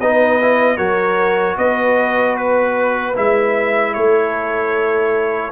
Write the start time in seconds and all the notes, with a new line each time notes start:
0.00 B3 D#4 B4 D#5
0.42 E4
0.77 F#3 F#4 A#4 C#5
1.58 B3 B4 D#5
2.37 B4
3.16 G#3 E4 E5
3.94 A3 A4 C#5